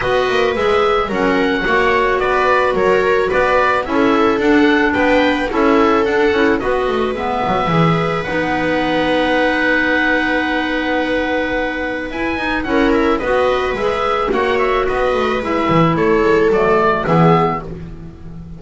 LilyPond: <<
  \new Staff \with { instrumentName = "oboe" } { \time 4/4 \tempo 4 = 109 dis''4 e''4 fis''2 | d''4 cis''4 d''4 e''4 | fis''4 g''4 e''4 fis''4 | dis''4 e''2 fis''4~ |
fis''1~ | fis''2 gis''4 fis''8 e''8 | dis''4 e''4 fis''8 e''8 dis''4 | e''4 cis''4 d''4 e''4 | }
  \new Staff \with { instrumentName = "viola" } { \time 4/4 b'2 ais'4 cis''4 | b'4 ais'4 b'4 a'4~ | a'4 b'4 a'2 | b'1~ |
b'1~ | b'2. ais'4 | b'2 cis''4 b'4~ | b'4 a'2 gis'4 | }
  \new Staff \with { instrumentName = "clarinet" } { \time 4/4 fis'4 gis'4 cis'4 fis'4~ | fis'2. e'4 | d'2 e'4 d'8 e'8 | fis'4 b4 gis'4 dis'4~ |
dis'1~ | dis'2 e'8 dis'8 e'4 | fis'4 gis'4 fis'2 | e'2 a4 b4 | }
  \new Staff \with { instrumentName = "double bass" } { \time 4/4 b8 ais8 gis4 fis4 ais4 | b4 fis4 b4 cis'4 | d'4 b4 cis'4 d'8 cis'8 | b8 a8 gis8 fis8 e4 b4~ |
b1~ | b2 e'8 dis'8 cis'4 | b4 gis4 ais4 b8 a8 | gis8 e8 a8 gis8 fis4 e4 | }
>>